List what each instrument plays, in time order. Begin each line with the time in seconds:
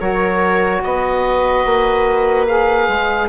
0.00 bassoon F#3, saxophone F#4, viola A#4, oboe C#5
0.83 bassoon B3, viola B4, oboe D#5
1.66 bassoon A#3
2.47 saxophone G#4, oboe F5
2.89 bassoon G#3